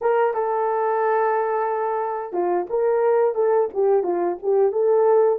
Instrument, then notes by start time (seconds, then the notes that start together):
horn
0.01 A#4
0.34 A4
2.33 F4
2.69 A#4
3.35 A4
3.73 G4
4.03 F4
4.42 G4
4.72 A4